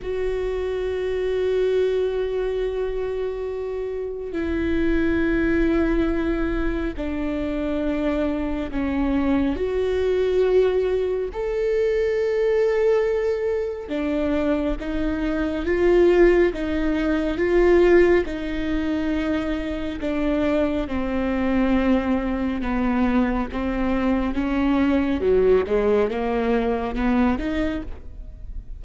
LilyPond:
\new Staff \with { instrumentName = "viola" } { \time 4/4 \tempo 4 = 69 fis'1~ | fis'4 e'2. | d'2 cis'4 fis'4~ | fis'4 a'2. |
d'4 dis'4 f'4 dis'4 | f'4 dis'2 d'4 | c'2 b4 c'4 | cis'4 fis8 gis8 ais4 b8 dis'8 | }